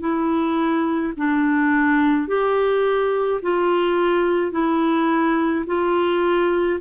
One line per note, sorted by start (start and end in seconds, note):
0.00 1.13 E4
1.17 2.27 D4
2.27 3.41 G4
3.42 4.52 F4
4.52 5.65 E4
5.67 6.80 F4